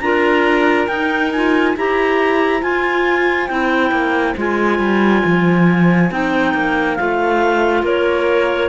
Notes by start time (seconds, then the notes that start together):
0.00 D4 F4 A#4 A#5
0.87 D#4 G5
1.32 F4 G#5
1.75 E4 G4 C5 A#5
2.61 F4 G#5
3.47 C4 E4 G5
3.91 A#3
4.37 G#3 F4 G#5
4.79 G3
5.25 F3
6.11 C4 D#4 G5
6.54 A#3
6.96 A3 F4 F5
7.83 A#3 A#4 C#5